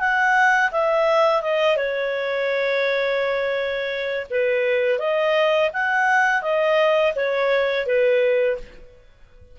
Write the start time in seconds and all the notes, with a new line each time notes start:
0.00 F#5
0.72 E5
1.43 D#5
1.77 C#5
4.31 B4
4.99 D#5
5.74 F#5
6.42 D#5
7.16 C#5
7.87 B4